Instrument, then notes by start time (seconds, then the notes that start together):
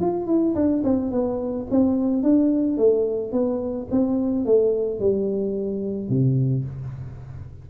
tuba
0.00 F4
0.27 E4
0.55 D4
0.84 C4
1.11 B3
1.70 C4
2.23 D4
2.77 A3
3.32 B3
3.91 C4
4.45 A3
4.99 G3
6.09 C3